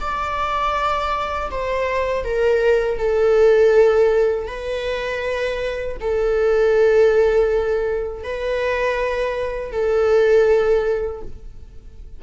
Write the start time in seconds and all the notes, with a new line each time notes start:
0.00 D5
1.50 C5
2.24 A#4
2.98 A4
4.47 B4
6.00 A4
8.23 B4
9.72 A4